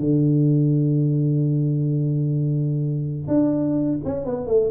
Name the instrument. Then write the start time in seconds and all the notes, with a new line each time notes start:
tuba
0.00 D3
3.28 D4
4.05 C#4
4.26 B3
4.47 A3